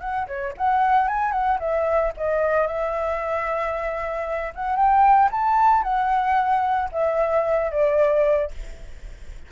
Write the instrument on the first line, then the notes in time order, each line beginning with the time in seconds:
flute
0.00 F#5
0.27 C#5
0.57 F#5
1.08 G#5
1.32 F#5
1.59 E5
2.17 D#5
2.67 E5
4.55 F#5
4.76 G5
5.32 A5
5.83 F#5
6.92 E5
7.71 D5